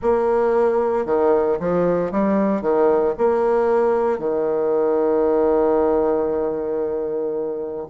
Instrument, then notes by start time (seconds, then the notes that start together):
bassoon
0.02 A#3
1.05 D#3
1.59 F3
2.11 G3
2.61 D#3
3.18 A#3
4.18 D#3